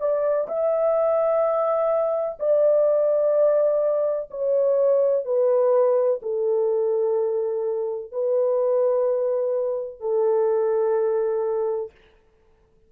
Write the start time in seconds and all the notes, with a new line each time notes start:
0.00 D5
0.48 E5
2.39 D5
4.30 C#5
5.25 B4
6.22 A4
8.12 B4
10.00 A4